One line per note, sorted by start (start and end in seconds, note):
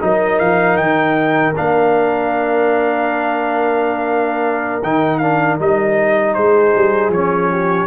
0.00 0.40 F#3
0.00 1.54 D#4
0.00 6.37 A#4
0.00 0.38 D#5
0.38 0.77 F3
0.38 0.76 F5
0.76 1.54 D#3
0.76 1.53 G5
1.55 4.82 A#3
1.55 4.82 D4
1.55 4.83 F5
4.82 5.59 D#3
4.82 5.22 D#4
4.82 5.17 G5
5.17 5.59 D4
5.17 5.56 F5
5.59 6.36 G3
5.59 7.12 D#4
5.59 6.33 D#5
6.33 6.74 G#3
6.33 7.51 G#4
6.33 7.10 C5
6.75 7.08 G3
7.08 7.85 F3
7.08 7.87 C#4
7.08 7.87 C#5
7.51 7.87 G4